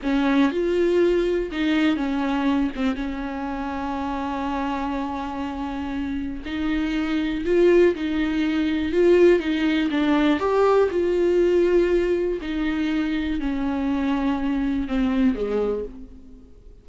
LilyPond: \new Staff \with { instrumentName = "viola" } { \time 4/4 \tempo 4 = 121 cis'4 f'2 dis'4 | cis'4. c'8 cis'2~ | cis'1~ | cis'4 dis'2 f'4 |
dis'2 f'4 dis'4 | d'4 g'4 f'2~ | f'4 dis'2 cis'4~ | cis'2 c'4 gis4 | }